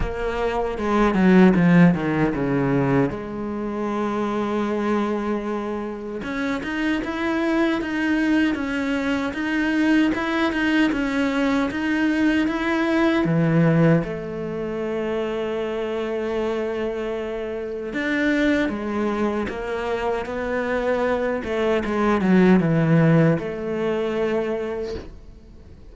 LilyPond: \new Staff \with { instrumentName = "cello" } { \time 4/4 \tempo 4 = 77 ais4 gis8 fis8 f8 dis8 cis4 | gis1 | cis'8 dis'8 e'4 dis'4 cis'4 | dis'4 e'8 dis'8 cis'4 dis'4 |
e'4 e4 a2~ | a2. d'4 | gis4 ais4 b4. a8 | gis8 fis8 e4 a2 | }